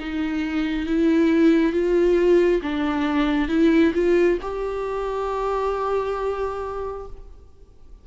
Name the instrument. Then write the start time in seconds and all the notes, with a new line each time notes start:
viola
0.00 D#4
0.87 E4
1.73 F4
2.62 D4
3.49 E4
3.94 F4
4.42 G4